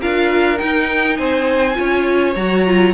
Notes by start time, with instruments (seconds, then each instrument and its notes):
0.00 cello D4, viola F4, violin A#4 F5
0.56 viola D#4, cello D#4, violin G5
1.17 cello C4, violin C5 G#5
1.74 cello C#4, viola F4, violin C#5
2.35 cello F#3, viola F#4, violin A#5
2.66 viola F4